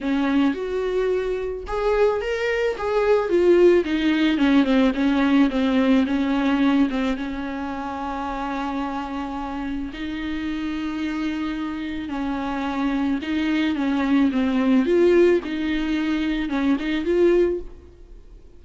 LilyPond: \new Staff \with { instrumentName = "viola" } { \time 4/4 \tempo 4 = 109 cis'4 fis'2 gis'4 | ais'4 gis'4 f'4 dis'4 | cis'8 c'8 cis'4 c'4 cis'4~ | cis'8 c'8 cis'2.~ |
cis'2 dis'2~ | dis'2 cis'2 | dis'4 cis'4 c'4 f'4 | dis'2 cis'8 dis'8 f'4 | }